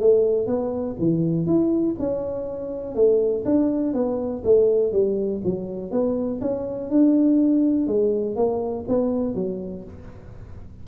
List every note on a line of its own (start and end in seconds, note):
0.00 0.46 A3
0.46 0.95 B3
0.99 1.46 E3
1.46 1.95 E4
1.99 2.95 C#4
2.95 3.44 A3
3.45 3.93 D4
3.93 4.42 B3
4.44 4.92 A3
4.92 5.41 G3
5.44 5.91 F#3
5.91 6.40 B3
6.41 6.90 C#4
6.90 7.87 D4
7.87 8.35 G#3
8.35 8.85 A#3
8.88 9.34 B3
9.34 9.84 F#3